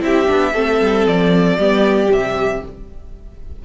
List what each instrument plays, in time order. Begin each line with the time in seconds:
0.00 cello C4, viola E4, violin G4 E5
0.26 cello B3, viola D4
0.53 cello A3, viola C4, violin A4
0.81 cello G3
1.06 cello F3, violin D5
1.57 cello G3, viola B3, violin G4
2.07 cello C3, viola G3, violin E5